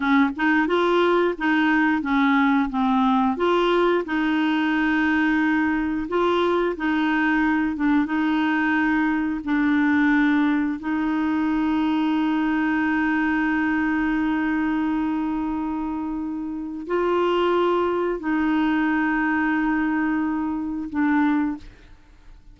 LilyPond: \new Staff \with { instrumentName = "clarinet" } { \time 4/4 \tempo 4 = 89 cis'8 dis'8 f'4 dis'4 cis'4 | c'4 f'4 dis'2~ | dis'4 f'4 dis'4. d'8 | dis'2 d'2 |
dis'1~ | dis'1~ | dis'4 f'2 dis'4~ | dis'2. d'4 | }